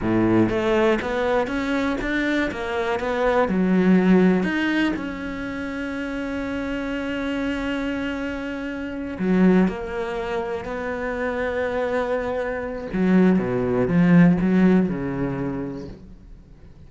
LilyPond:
\new Staff \with { instrumentName = "cello" } { \time 4/4 \tempo 4 = 121 a,4 a4 b4 cis'4 | d'4 ais4 b4 fis4~ | fis4 dis'4 cis'2~ | cis'1~ |
cis'2~ cis'8 fis4 ais8~ | ais4. b2~ b8~ | b2 fis4 b,4 | f4 fis4 cis2 | }